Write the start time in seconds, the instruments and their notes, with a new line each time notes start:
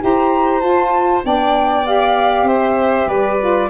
0.00 tuba E4, saxophone G4, violin C5, flute A#5
0.61 tuba F4, saxophone F4, flute A5
1.23 tuba B3, saxophone D4, violin D5, flute G5
1.86 saxophone G4, flute F5
2.44 tuba C4, violin C5, flute E5
3.07 tuba G3, violin B4, flute D5
3.40 saxophone F4